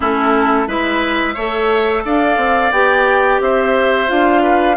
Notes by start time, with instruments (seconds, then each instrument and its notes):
0.00 bassoon A3, clarinet C#4, oboe E4, flute A4
0.66 bassoon G#3, clarinet E4, oboe B4, flute E5
1.34 bassoon A3, clarinet A4, oboe C#5
2.05 bassoon D4, oboe D5, flute F5
2.37 bassoon C4
2.71 bassoon B3, clarinet G4, flute G5
3.40 bassoon C4, oboe C5, flute E5
4.07 bassoon D4, clarinet F4, flute F5
4.42 oboe B4